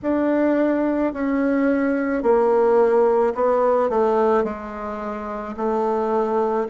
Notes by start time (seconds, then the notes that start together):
0.02 D4
1.13 C#4
2.22 A#3
3.34 B3
3.89 A3
4.43 G#3
5.56 A3